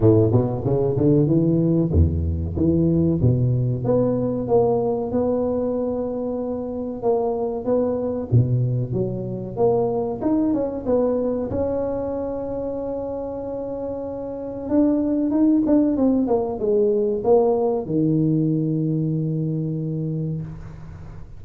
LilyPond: \new Staff \with { instrumentName = "tuba" } { \time 4/4 \tempo 4 = 94 a,8 b,8 cis8 d8 e4 e,4 | e4 b,4 b4 ais4 | b2. ais4 | b4 b,4 fis4 ais4 |
dis'8 cis'8 b4 cis'2~ | cis'2. d'4 | dis'8 d'8 c'8 ais8 gis4 ais4 | dis1 | }